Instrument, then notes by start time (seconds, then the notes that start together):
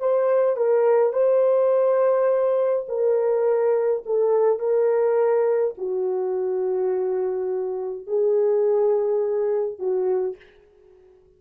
horn
0.00 C5
0.57 A#4
1.13 C5
2.88 A#4
4.06 A4
4.59 A#4
5.78 F#4
8.07 G#4
9.79 F#4